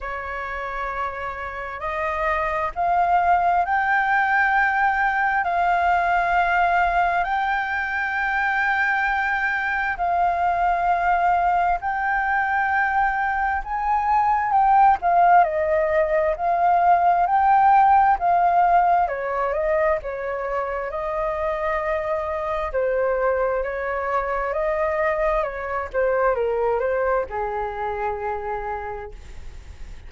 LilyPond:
\new Staff \with { instrumentName = "flute" } { \time 4/4 \tempo 4 = 66 cis''2 dis''4 f''4 | g''2 f''2 | g''2. f''4~ | f''4 g''2 gis''4 |
g''8 f''8 dis''4 f''4 g''4 | f''4 cis''8 dis''8 cis''4 dis''4~ | dis''4 c''4 cis''4 dis''4 | cis''8 c''8 ais'8 c''8 gis'2 | }